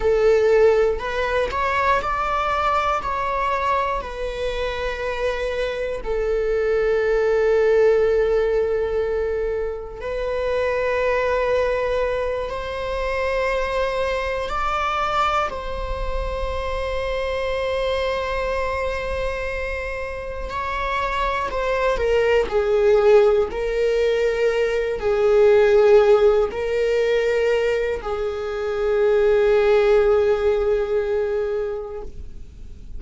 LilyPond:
\new Staff \with { instrumentName = "viola" } { \time 4/4 \tempo 4 = 60 a'4 b'8 cis''8 d''4 cis''4 | b'2 a'2~ | a'2 b'2~ | b'8 c''2 d''4 c''8~ |
c''1~ | c''8 cis''4 c''8 ais'8 gis'4 ais'8~ | ais'4 gis'4. ais'4. | gis'1 | }